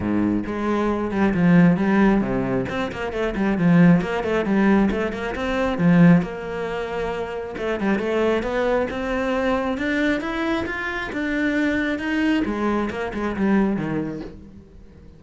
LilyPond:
\new Staff \with { instrumentName = "cello" } { \time 4/4 \tempo 4 = 135 gis,4 gis4. g8 f4 | g4 c4 c'8 ais8 a8 g8 | f4 ais8 a8 g4 a8 ais8 | c'4 f4 ais2~ |
ais4 a8 g8 a4 b4 | c'2 d'4 e'4 | f'4 d'2 dis'4 | gis4 ais8 gis8 g4 dis4 | }